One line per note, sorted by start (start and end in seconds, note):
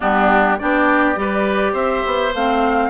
0.00 0.60 G3
0.00 0.58 B3
0.00 0.57 D4
0.00 0.58 G4
0.58 1.16 B3
0.58 1.15 D4
0.58 1.19 G4
0.58 1.74 D5
1.15 1.73 G3
1.15 2.32 G4
1.15 1.73 B4
1.73 2.02 C4
1.73 2.89 C5
1.73 2.33 E5
2.06 2.34 B3
2.34 2.90 A3
2.34 2.90 C4
2.34 2.90 F5